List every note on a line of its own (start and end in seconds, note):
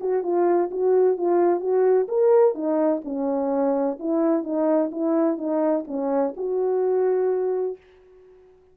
0.00 0.23 F#4
0.23 0.70 F4
0.71 1.17 F#4
1.17 1.60 F4
1.60 2.07 F#4
2.08 2.54 A#4
2.54 3.01 D#4
3.04 3.98 C#4
3.99 4.43 E4
4.43 4.90 D#4
4.91 5.38 E4
5.38 5.84 D#4
5.87 6.34 C#4
6.36 7.77 F#4